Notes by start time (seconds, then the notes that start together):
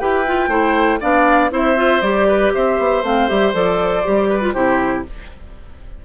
0.00 E4 G4 B4 G5
0.27 F4
0.48 A3 E4 C5
1.00 B3 D4 D5 F5
1.51 C4 E4 C5 E5
1.76 F4
2.02 G3 G4 D5
2.28 B4
2.54 C4 C5 E5
2.79 B3
3.03 A3 C4 F5
3.29 G3 G4 E5
3.53 F3 A4 D5
4.05 G3 G4
4.29 B4
4.41 F4
4.52 C3 E4 G4 C5